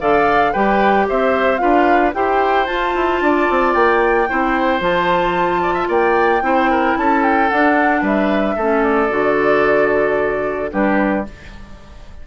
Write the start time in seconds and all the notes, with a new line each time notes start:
0.00 D3 A4 D5 F5
0.52 G3 G4 B4 G5
1.09 C4 C5 E5
1.57 D4 F4 B4 F5
2.14 E4 G4 C5 G5
2.66 F4 A5
2.95 E4
3.21 D4 D5
3.50 C4
3.74 A#3 G5
4.28 C4 E4 C5
4.80 F3 F4 A5
5.62 D5
5.74 E5
5.88 A#3 D5 G5
6.42 C4 E4 C5
6.70 A#4
6.97 C#4 A4 A5
7.23 G5
7.49 D4 F#5
8.01 G3 B4 E5
8.56 A3 C#4 A4
8.83 D5
9.10 D3 F#4
10.71 G3 D4 G4 B4